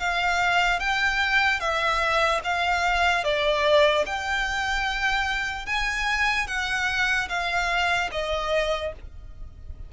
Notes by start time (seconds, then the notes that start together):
0.00 F5
0.80 G5
1.60 E5
2.45 F5
3.24 D5
4.07 G5
5.66 G#5
6.48 F#5
7.29 F5
8.12 D#5